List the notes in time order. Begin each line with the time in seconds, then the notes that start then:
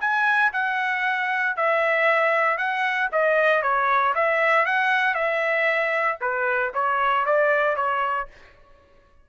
0.00 G#5
0.53 F#5
1.56 E5
2.57 F#5
3.12 D#5
3.62 C#5
4.14 E5
4.65 F#5
5.14 E5
6.20 B4
6.74 C#5
7.25 D5
7.76 C#5